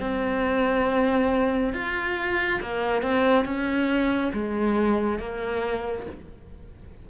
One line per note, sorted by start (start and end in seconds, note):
0.00 1.74 C4
1.74 2.60 F4
2.62 3.02 A#3
3.02 3.45 C4
3.45 4.32 C#4
4.34 5.19 G#3
5.19 6.06 A#3